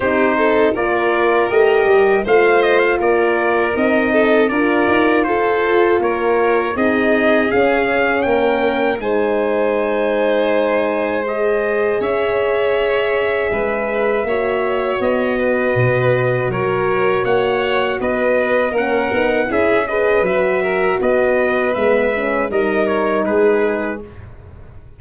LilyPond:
<<
  \new Staff \with { instrumentName = "trumpet" } { \time 4/4 \tempo 4 = 80 c''4 d''4 dis''4 f''8 dis''16 f''16 | d''4 dis''4 d''4 c''4 | cis''4 dis''4 f''4 g''4 | gis''2. dis''4 |
e''1 | dis''2 cis''4 fis''4 | dis''4 fis''4 e''8 dis''8 e''4 | dis''4 e''4 dis''8 cis''8 b'4 | }
  \new Staff \with { instrumentName = "violin" } { \time 4/4 g'8 a'8 ais'2 c''4 | ais'4. a'8 ais'4 a'4 | ais'4 gis'2 ais'4 | c''1 |
cis''2 b'4 cis''4~ | cis''8 b'4. ais'4 cis''4 | b'4 ais'4 gis'8 b'4 ais'8 | b'2 ais'4 gis'4 | }
  \new Staff \with { instrumentName = "horn" } { \time 4/4 dis'4 f'4 g'4 f'4~ | f'4 dis'4 f'2~ | f'4 dis'4 cis'2 | dis'2. gis'4~ |
gis'2. fis'4~ | fis'1~ | fis'4 cis'8 dis'8 e'8 gis'8 fis'4~ | fis'4 b8 cis'8 dis'2 | }
  \new Staff \with { instrumentName = "tuba" } { \time 4/4 c'4 ais4 a8 g8 a4 | ais4 c'4 d'8 dis'8 f'4 | ais4 c'4 cis'4 ais4 | gis1 |
cis'2 gis4 ais4 | b4 b,4 fis4 ais4 | b4 ais8 b8 cis'4 fis4 | b4 gis4 g4 gis4 | }
>>